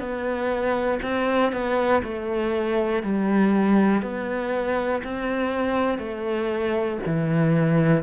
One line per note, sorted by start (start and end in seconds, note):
0.00 1.00 B3
1.03 1.53 C4
1.53 2.03 B3
2.04 3.03 A3
3.03 4.02 G3
4.02 5.02 B3
5.04 5.99 C4
5.99 6.99 A3
7.06 8.04 E3